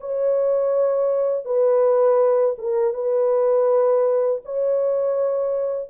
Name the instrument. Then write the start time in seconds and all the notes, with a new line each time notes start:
horn
0.00 C#5
1.44 B4
2.58 A#4
2.94 B4
4.45 C#5